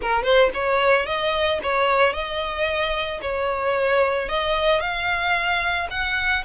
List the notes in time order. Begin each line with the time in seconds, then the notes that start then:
0.01 A#4
0.23 C5
0.54 C#5
1.06 D#5
1.62 C#5
2.13 D#5
3.21 C#5
4.29 D#5
4.80 F5
5.90 F#5